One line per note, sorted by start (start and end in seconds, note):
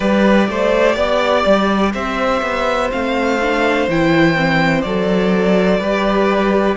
0.00 0.48 G3
0.00 2.89 G4
0.00 0.47 B4
0.00 1.92 D5
0.48 0.96 A3
0.48 0.95 C5
0.95 1.44 B3
0.95 1.92 D5
1.45 1.94 G3
1.93 2.42 C4
1.93 5.79 C5
1.93 2.90 E5
2.42 2.90 B3
2.89 3.87 A3
2.89 3.38 C4
2.89 3.88 F5
3.41 3.90 D4
3.87 4.84 E3
3.87 4.35 E4
3.87 4.81 G5
4.35 4.84 C4
4.81 5.79 F#3
4.81 5.82 A4
4.81 6.75 D5
5.79 6.76 G3
5.79 6.76 G4
5.79 6.76 B4